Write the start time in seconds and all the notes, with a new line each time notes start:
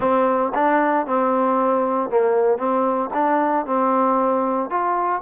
0.00 C4
0.54 D4
1.06 C4
2.10 A#3
2.58 C4
3.13 D4
3.66 C4
4.70 F4